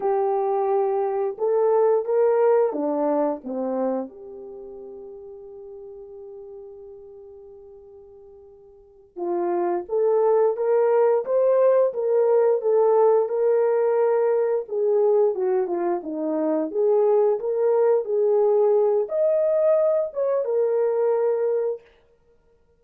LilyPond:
\new Staff \with { instrumentName = "horn" } { \time 4/4 \tempo 4 = 88 g'2 a'4 ais'4 | d'4 c'4 g'2~ | g'1~ | g'4. f'4 a'4 ais'8~ |
ais'8 c''4 ais'4 a'4 ais'8~ | ais'4. gis'4 fis'8 f'8 dis'8~ | dis'8 gis'4 ais'4 gis'4. | dis''4. cis''8 ais'2 | }